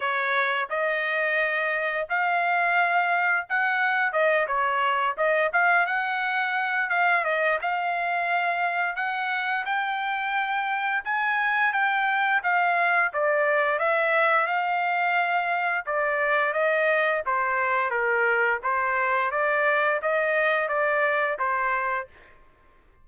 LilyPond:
\new Staff \with { instrumentName = "trumpet" } { \time 4/4 \tempo 4 = 87 cis''4 dis''2 f''4~ | f''4 fis''4 dis''8 cis''4 dis''8 | f''8 fis''4. f''8 dis''8 f''4~ | f''4 fis''4 g''2 |
gis''4 g''4 f''4 d''4 | e''4 f''2 d''4 | dis''4 c''4 ais'4 c''4 | d''4 dis''4 d''4 c''4 | }